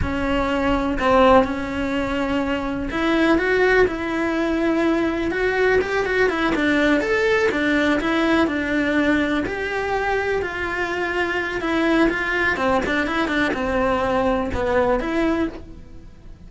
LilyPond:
\new Staff \with { instrumentName = "cello" } { \time 4/4 \tempo 4 = 124 cis'2 c'4 cis'4~ | cis'2 e'4 fis'4 | e'2. fis'4 | g'8 fis'8 e'8 d'4 a'4 d'8~ |
d'8 e'4 d'2 g'8~ | g'4. f'2~ f'8 | e'4 f'4 c'8 d'8 e'8 d'8 | c'2 b4 e'4 | }